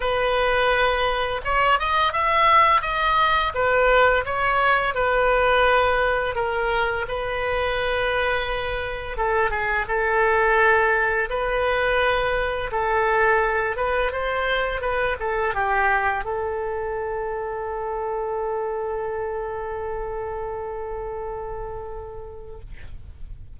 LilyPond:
\new Staff \with { instrumentName = "oboe" } { \time 4/4 \tempo 4 = 85 b'2 cis''8 dis''8 e''4 | dis''4 b'4 cis''4 b'4~ | b'4 ais'4 b'2~ | b'4 a'8 gis'8 a'2 |
b'2 a'4. b'8 | c''4 b'8 a'8 g'4 a'4~ | a'1~ | a'1 | }